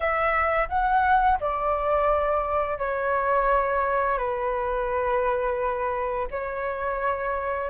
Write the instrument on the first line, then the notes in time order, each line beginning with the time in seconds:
flute
0.00 E5
0.68 F#5
1.40 D5
2.78 C#5
4.18 B4
6.30 C#5